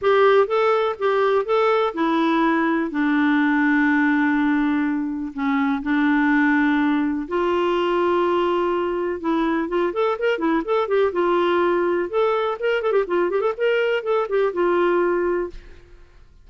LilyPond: \new Staff \with { instrumentName = "clarinet" } { \time 4/4 \tempo 4 = 124 g'4 a'4 g'4 a'4 | e'2 d'2~ | d'2. cis'4 | d'2. f'4~ |
f'2. e'4 | f'8 a'8 ais'8 e'8 a'8 g'8 f'4~ | f'4 a'4 ais'8 a'16 g'16 f'8 g'16 a'16 | ais'4 a'8 g'8 f'2 | }